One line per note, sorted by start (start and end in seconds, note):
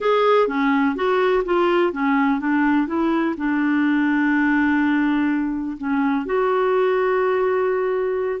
0.00 0.47 G#4
0.47 0.95 C#4
0.95 1.43 F#4
1.44 1.92 F4
1.92 2.40 C#4
2.40 2.87 D4
2.87 3.35 E4
3.37 5.77 D4
5.77 6.25 C#4
6.25 8.40 F#4